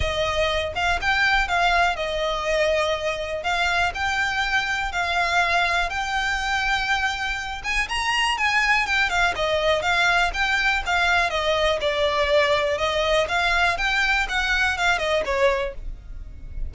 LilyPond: \new Staff \with { instrumentName = "violin" } { \time 4/4 \tempo 4 = 122 dis''4. f''8 g''4 f''4 | dis''2. f''4 | g''2 f''2 | g''2.~ g''8 gis''8 |
ais''4 gis''4 g''8 f''8 dis''4 | f''4 g''4 f''4 dis''4 | d''2 dis''4 f''4 | g''4 fis''4 f''8 dis''8 cis''4 | }